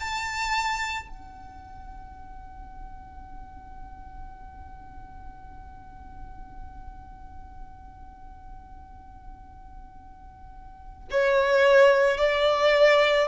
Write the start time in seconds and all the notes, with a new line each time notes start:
0.00 A5
1.09 F#5
11.11 C#5
12.17 D5